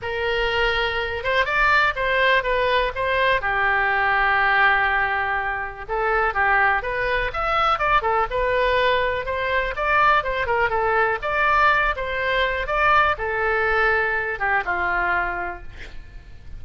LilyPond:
\new Staff \with { instrumentName = "oboe" } { \time 4/4 \tempo 4 = 123 ais'2~ ais'8 c''8 d''4 | c''4 b'4 c''4 g'4~ | g'1 | a'4 g'4 b'4 e''4 |
d''8 a'8 b'2 c''4 | d''4 c''8 ais'8 a'4 d''4~ | d''8 c''4. d''4 a'4~ | a'4. g'8 f'2 | }